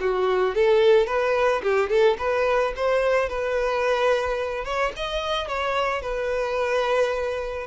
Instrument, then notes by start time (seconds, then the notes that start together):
violin
0.00 F#4
0.55 A4
1.07 B4
1.62 G4
1.89 A4
2.18 B4
2.76 C5
3.29 B4
4.65 C#5
4.96 D#5
5.48 C#5
6.02 B4